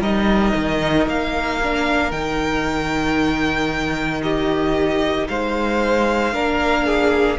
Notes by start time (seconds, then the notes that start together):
0.00 G3 D#4 A#4 D#5
0.56 D#3
1.07 A#3 F5
1.63 D4
2.12 D#3 D#4 G5
4.23 G4 D#5
5.29 G#3 C5 F5
6.33 A#3 D4 A#4
6.86 G#4